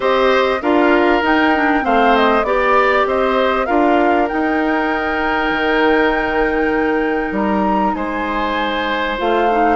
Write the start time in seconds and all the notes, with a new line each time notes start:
0.00 C4 G4 C5 D#5
0.61 D4 F4 A#4 F5
1.22 D#4 G5
1.53 D4
1.81 A3 C4 C5 F5
2.16 D#5
2.43 B3 G4 D5
3.06 C4 C5 D#5
3.66 D4 F4 A#4 F5
4.28 D#4 G5
5.51 D#3
7.31 G3 A#5
7.94 G#3 C5 G#5
9.18 A3 F4 F5
9.50 D#4